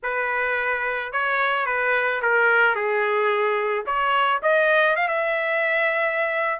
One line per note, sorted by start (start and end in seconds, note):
0.03 1.12 B4
1.12 1.66 C#5
1.66 2.21 B4
2.21 2.75 A#4
2.75 3.85 G#4
3.85 4.40 C#5
4.42 4.95 D#5
4.95 5.08 F5
5.08 6.59 E5